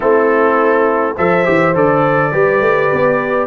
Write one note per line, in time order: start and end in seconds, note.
0.00 1.17 A3
0.00 1.15 C4
0.00 1.14 E4
0.00 1.16 A4
1.15 1.47 F3
1.15 1.44 A4
1.15 2.32 C5
1.15 1.75 E5
1.44 1.75 E3
1.44 1.73 G4
1.74 2.32 D3
1.74 2.32 A4
1.74 3.47 D5
2.32 2.61 G3
2.32 3.47 G4
2.32 3.47 B4
2.61 2.90 A3
2.92 3.47 B3